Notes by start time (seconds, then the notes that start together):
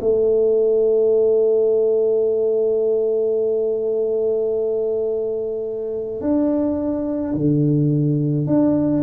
0.00 A3
6.21 D4
7.34 D3
8.46 D4